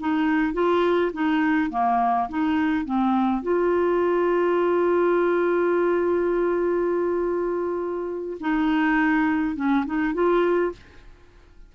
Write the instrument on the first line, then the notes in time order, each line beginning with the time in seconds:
clarinet
0.00 D#4
0.54 F4
1.13 D#4
1.71 A#3
2.29 D#4
2.85 C4
3.43 F4
8.41 D#4
9.56 C#4
9.86 D#4
10.14 F4